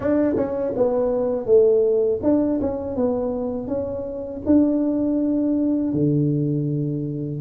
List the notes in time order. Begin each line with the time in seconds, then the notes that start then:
0.00 D4
0.36 C#4
0.76 B3
1.46 A3
2.22 D4
2.61 C#4
2.96 B3
3.67 C#4
4.45 D4
5.93 D3